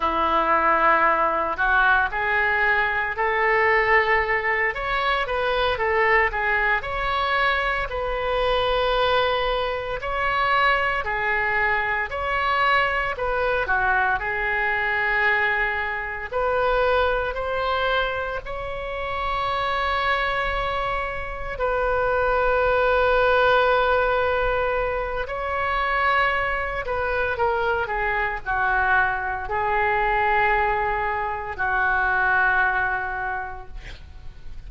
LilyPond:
\new Staff \with { instrumentName = "oboe" } { \time 4/4 \tempo 4 = 57 e'4. fis'8 gis'4 a'4~ | a'8 cis''8 b'8 a'8 gis'8 cis''4 b'8~ | b'4. cis''4 gis'4 cis''8~ | cis''8 b'8 fis'8 gis'2 b'8~ |
b'8 c''4 cis''2~ cis''8~ | cis''8 b'2.~ b'8 | cis''4. b'8 ais'8 gis'8 fis'4 | gis'2 fis'2 | }